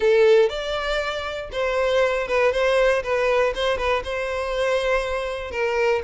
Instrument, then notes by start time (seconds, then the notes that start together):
violin
0.00 A4
0.49 D5
1.51 C5
2.27 B4
2.52 C5
3.03 B4
3.54 C5
3.77 B4
4.04 C5
5.51 A#4